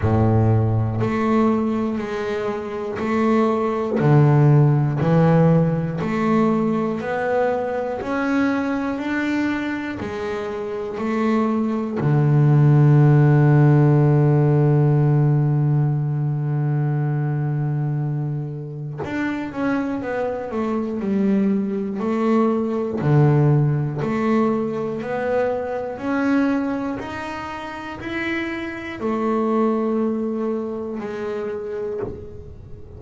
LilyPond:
\new Staff \with { instrumentName = "double bass" } { \time 4/4 \tempo 4 = 60 a,4 a4 gis4 a4 | d4 e4 a4 b4 | cis'4 d'4 gis4 a4 | d1~ |
d2. d'8 cis'8 | b8 a8 g4 a4 d4 | a4 b4 cis'4 dis'4 | e'4 a2 gis4 | }